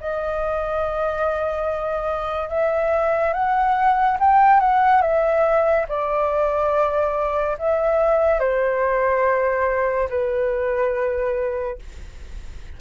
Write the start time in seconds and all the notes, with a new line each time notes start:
0.00 D#5
2.49 E5
3.33 F#5
4.19 G5
4.60 F#5
5.02 E5
5.88 D5
7.58 E5
8.40 C5
10.09 B4